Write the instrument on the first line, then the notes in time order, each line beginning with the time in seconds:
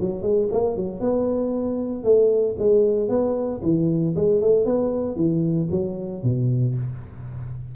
tuba
0.00 F#3
0.22 G#3
0.51 A#3
0.76 F#3
1.00 B3
2.04 A3
2.58 G#3
3.09 B3
3.62 E3
4.15 G#3
4.41 A3
4.65 B3
5.16 E3
5.71 F#3
6.23 B2